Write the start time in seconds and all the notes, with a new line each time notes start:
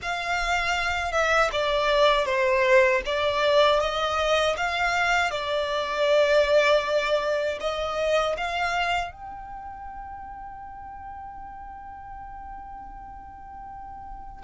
0.01 F5
1.12 E5
1.52 D5
2.25 C5
3.05 D5
3.80 D#5
4.56 F5
5.30 D5
7.60 D#5
8.37 F5
9.12 G5